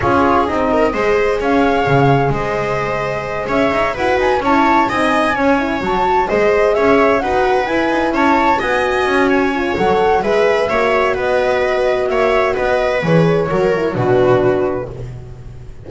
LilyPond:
<<
  \new Staff \with { instrumentName = "flute" } { \time 4/4 \tempo 4 = 129 cis''4 dis''2 f''4~ | f''4 dis''2~ dis''8 e''8~ | e''8 fis''8 gis''8 a''4 gis''4.~ | gis''8 a''4 dis''4 e''4 fis''8~ |
fis''8 gis''4 a''4 gis''4.~ | gis''4 fis''4 e''2 | dis''2 e''4 dis''4 | cis''2 b'2 | }
  \new Staff \with { instrumentName = "viola" } { \time 4/4 gis'4. ais'8 c''4 cis''4~ | cis''4 c''2~ c''8 cis''8~ | cis''8 b'4 cis''4 dis''4 cis''8~ | cis''4. c''4 cis''4 b'8~ |
b'4. cis''4 dis''4. | cis''2 b'4 cis''4 | b'2 cis''4 b'4~ | b'4 ais'4 fis'2 | }
  \new Staff \with { instrumentName = "horn" } { \time 4/4 f'4 dis'4 gis'2~ | gis'1~ | gis'8 fis'4 e'4 dis'4 cis'8 | e'8 fis'4 gis'2 fis'8~ |
fis'8 e'2 fis'4.~ | fis'8 f'8 a'4 gis'4 fis'4~ | fis'1 | gis'4 fis'8 e'8 d'2 | }
  \new Staff \with { instrumentName = "double bass" } { \time 4/4 cis'4 c'4 gis4 cis'4 | cis4 gis2~ gis8 cis'8 | dis'8 e'8 dis'8 cis'4 c'4 cis'8~ | cis'8 fis4 gis4 cis'4 dis'8~ |
dis'8 e'8 dis'8 cis'4 b4 cis'8~ | cis'4 fis4 gis4 ais4 | b2 ais4 b4 | e4 fis4 b,2 | }
>>